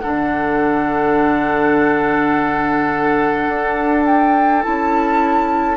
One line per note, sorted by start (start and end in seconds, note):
0.00 3.48 D3
0.00 4.63 D4
0.00 5.77 A4
0.00 4.04 F#5
3.48 4.64 D4
4.06 4.62 G5
4.62 5.77 C#4
4.62 5.77 E4
4.62 5.77 A5